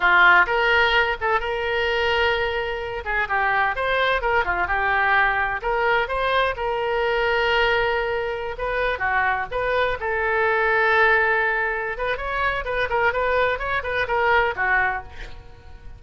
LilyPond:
\new Staff \with { instrumentName = "oboe" } { \time 4/4 \tempo 4 = 128 f'4 ais'4. a'8 ais'4~ | ais'2~ ais'8 gis'8 g'4 | c''4 ais'8 f'8 g'2 | ais'4 c''4 ais'2~ |
ais'2~ ais'16 b'4 fis'8.~ | fis'16 b'4 a'2~ a'8.~ | a'4. b'8 cis''4 b'8 ais'8 | b'4 cis''8 b'8 ais'4 fis'4 | }